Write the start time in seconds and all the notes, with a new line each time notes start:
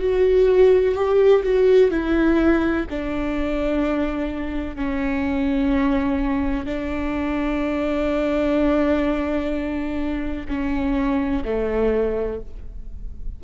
0.00 F#4
0.95 G4
1.43 F#4
1.90 E4
2.90 D4
4.76 C#4
6.66 D4
10.48 C#4
11.45 A3